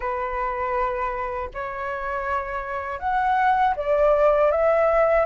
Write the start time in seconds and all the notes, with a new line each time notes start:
0.00 B4
1.54 C#5
2.99 F#5
3.76 D5
4.51 E5